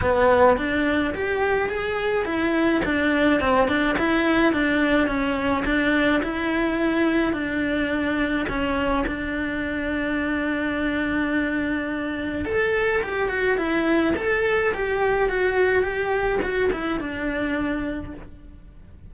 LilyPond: \new Staff \with { instrumentName = "cello" } { \time 4/4 \tempo 4 = 106 b4 d'4 g'4 gis'4 | e'4 d'4 c'8 d'8 e'4 | d'4 cis'4 d'4 e'4~ | e'4 d'2 cis'4 |
d'1~ | d'2 a'4 g'8 fis'8 | e'4 a'4 g'4 fis'4 | g'4 fis'8 e'8 d'2 | }